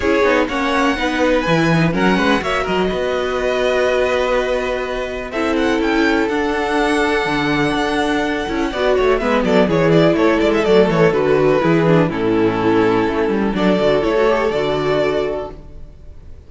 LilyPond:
<<
  \new Staff \with { instrumentName = "violin" } { \time 4/4 \tempo 4 = 124 cis''4 fis''2 gis''4 | fis''4 e''8 dis''2~ dis''8~ | dis''2. e''8 fis''8 | g''4 fis''2.~ |
fis''2. e''8 d''8 | cis''8 d''8 cis''8 d''16 e''16 d''8 cis''8 b'4~ | b'4 a'2. | d''4 cis''4 d''2 | }
  \new Staff \with { instrumentName = "violin" } { \time 4/4 gis'4 cis''4 b'2 | ais'8 b'8 cis''8 ais'8 b'2~ | b'2. a'4~ | a'1~ |
a'2 d''8 cis''8 b'8 a'8 | gis'4 a'2. | gis'4 e'2. | a'1 | }
  \new Staff \with { instrumentName = "viola" } { \time 4/4 e'8 dis'8 cis'4 dis'4 e'8 dis'8 | cis'4 fis'2.~ | fis'2. e'4~ | e'4 d'2.~ |
d'4. e'8 fis'4 b4 | e'2 a4 fis'4 | e'8 d'8 cis'2. | d'8 fis'8 e'16 fis'16 g'8 fis'2 | }
  \new Staff \with { instrumentName = "cello" } { \time 4/4 cis'8 b8 ais4 b4 e4 | fis8 gis8 ais8 fis8 b2~ | b2. c'4 | cis'4 d'2 d4 |
d'4. cis'8 b8 a8 gis8 fis8 | e4 a8 gis8 fis8 e8 d4 | e4 a,2 a8 g8 | fis8 d8 a4 d2 | }
>>